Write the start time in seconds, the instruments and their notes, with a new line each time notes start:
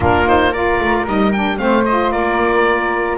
0.00 double bass A#3, saxophone D4, flute F4, oboe A#4
0.25 saxophone D#4, oboe C5
0.51 saxophone F4, flute A#4, oboe D5
0.80 double bass A3
1.06 double bass G3, saxophone D#4, oboe D#5
1.32 saxophone D4, oboe G5
1.58 double bass A3, saxophone C4, flute C5, oboe F5
1.85 saxophone F4, oboe D#5
2.11 double bass A#3, flute A#4, oboe D5